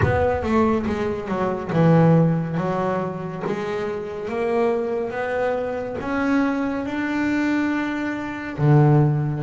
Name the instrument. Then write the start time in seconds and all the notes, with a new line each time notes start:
double bass
0.02 B3
0.42 A3
0.86 G#3
1.28 F#3
1.73 E3
2.57 F#3
3.46 G#3
4.28 A#3
5.10 B3
6.00 C#4
6.85 D4
8.58 D3